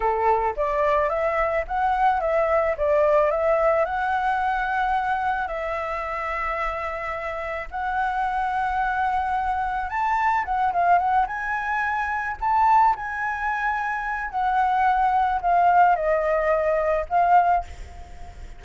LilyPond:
\new Staff \with { instrumentName = "flute" } { \time 4/4 \tempo 4 = 109 a'4 d''4 e''4 fis''4 | e''4 d''4 e''4 fis''4~ | fis''2 e''2~ | e''2 fis''2~ |
fis''2 a''4 fis''8 f''8 | fis''8 gis''2 a''4 gis''8~ | gis''2 fis''2 | f''4 dis''2 f''4 | }